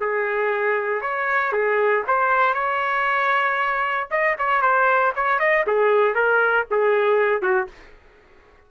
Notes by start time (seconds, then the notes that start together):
0.00 G#4
1.01 C#5
1.52 G#4
2.07 C5
2.54 C#5
4.10 D#5
4.38 C#5
4.61 C5
5.15 C#5
5.39 D#5
5.66 G#4
6.14 A#4
6.70 G#4
7.41 F#4